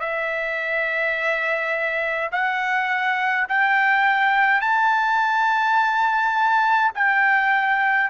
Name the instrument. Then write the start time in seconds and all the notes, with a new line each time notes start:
trumpet
0.00 E5
2.32 F#5
3.49 G5
4.62 A5
6.95 G5